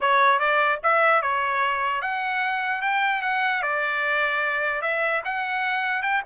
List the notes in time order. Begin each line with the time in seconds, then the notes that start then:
0.00 C#5
0.39 D5
0.83 E5
1.22 C#5
2.01 F#5
2.81 G5
3.22 F#5
3.62 D5
4.81 E5
5.24 F#5
6.02 G5